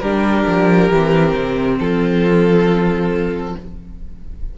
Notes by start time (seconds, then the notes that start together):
0.00 G3 D4 G4 A#4
0.47 F3
0.90 E3 C4
1.35 C3
1.79 F3 F4 A4